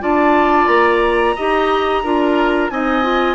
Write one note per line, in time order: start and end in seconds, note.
0.00 0.67 D4
0.00 1.35 F4
0.00 1.35 D5
0.00 0.67 A5
0.67 1.34 A#3
0.67 2.70 A#5
1.35 2.03 D#4
1.35 2.04 G4
1.35 2.02 D#5
2.03 2.70 D4
2.03 2.70 F4
2.03 2.70 A#4
2.70 3.34 C4
2.70 3.02 D#4
2.70 3.34 D#5
2.70 3.34 G#5
3.02 3.34 F4